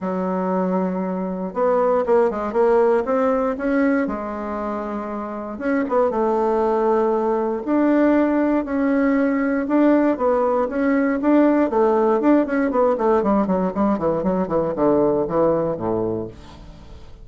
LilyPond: \new Staff \with { instrumentName = "bassoon" } { \time 4/4 \tempo 4 = 118 fis2. b4 | ais8 gis8 ais4 c'4 cis'4 | gis2. cis'8 b8 | a2. d'4~ |
d'4 cis'2 d'4 | b4 cis'4 d'4 a4 | d'8 cis'8 b8 a8 g8 fis8 g8 e8 | fis8 e8 d4 e4 a,4 | }